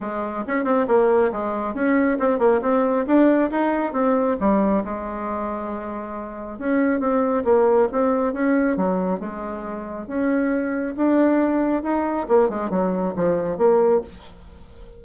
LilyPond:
\new Staff \with { instrumentName = "bassoon" } { \time 4/4 \tempo 4 = 137 gis4 cis'8 c'8 ais4 gis4 | cis'4 c'8 ais8 c'4 d'4 | dis'4 c'4 g4 gis4~ | gis2. cis'4 |
c'4 ais4 c'4 cis'4 | fis4 gis2 cis'4~ | cis'4 d'2 dis'4 | ais8 gis8 fis4 f4 ais4 | }